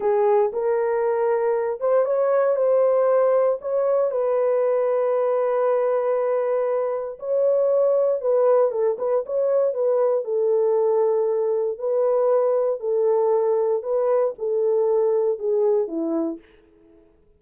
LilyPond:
\new Staff \with { instrumentName = "horn" } { \time 4/4 \tempo 4 = 117 gis'4 ais'2~ ais'8 c''8 | cis''4 c''2 cis''4 | b'1~ | b'2 cis''2 |
b'4 a'8 b'8 cis''4 b'4 | a'2. b'4~ | b'4 a'2 b'4 | a'2 gis'4 e'4 | }